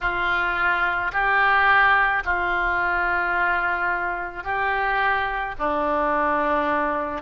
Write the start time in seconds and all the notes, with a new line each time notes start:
0.00 F4
1.12 G4
2.25 F4
4.43 G4
5.58 D4